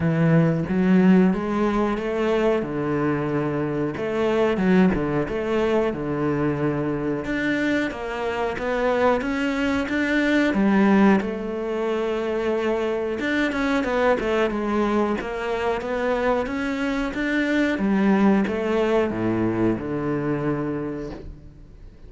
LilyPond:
\new Staff \with { instrumentName = "cello" } { \time 4/4 \tempo 4 = 91 e4 fis4 gis4 a4 | d2 a4 fis8 d8 | a4 d2 d'4 | ais4 b4 cis'4 d'4 |
g4 a2. | d'8 cis'8 b8 a8 gis4 ais4 | b4 cis'4 d'4 g4 | a4 a,4 d2 | }